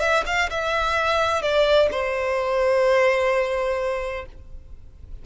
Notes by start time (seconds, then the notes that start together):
0.00 E5
0.26 F5
0.50 E5
1.42 D5
1.91 C5